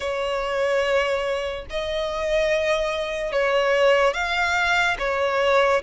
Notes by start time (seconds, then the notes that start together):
0.00 C#5
1.69 D#5
3.31 C#5
4.13 F5
4.98 C#5